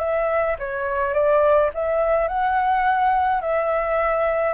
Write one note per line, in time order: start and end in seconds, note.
0.00 0.57 E5
0.59 1.14 C#5
1.14 1.70 D5
1.74 2.28 E5
2.28 3.41 F#5
3.41 4.54 E5